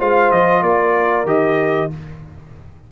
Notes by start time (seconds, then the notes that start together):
0.00 G#3 F4 C5 F5
0.32 F3 D#5
0.63 A#3 A#4 D5
1.25 D#3 G4 D#5